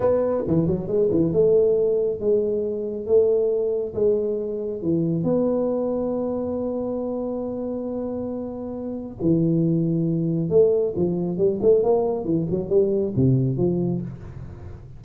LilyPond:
\new Staff \with { instrumentName = "tuba" } { \time 4/4 \tempo 4 = 137 b4 e8 fis8 gis8 e8 a4~ | a4 gis2 a4~ | a4 gis2 e4 | b1~ |
b1~ | b4 e2. | a4 f4 g8 a8 ais4 | e8 fis8 g4 c4 f4 | }